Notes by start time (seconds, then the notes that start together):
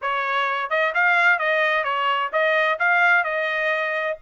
0.01 C#5
0.70 D#5
0.94 F5
1.38 D#5
1.84 C#5
2.32 D#5
2.79 F5
3.24 D#5